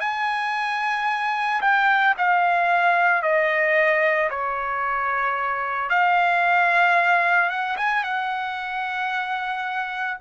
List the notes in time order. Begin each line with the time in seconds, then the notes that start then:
0.00 G#5
1.61 G5
2.17 F5
3.22 D#5
4.30 C#5
5.89 F5
7.50 F#5
7.77 G#5
8.04 F#5